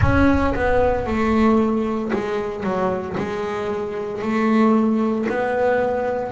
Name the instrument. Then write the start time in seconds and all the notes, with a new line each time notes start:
double bass
0.01 C#4
0.54 B3
1.06 A3
2.12 G#3
2.63 F#3
3.17 G#3
4.22 A3
5.29 B3